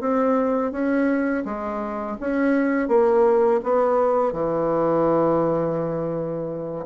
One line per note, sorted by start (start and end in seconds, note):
0.00 0.72 C4
0.72 1.44 C#4
1.45 2.17 G#3
2.20 2.88 C#4
2.88 3.60 A#3
3.63 4.32 B3
4.32 6.85 E3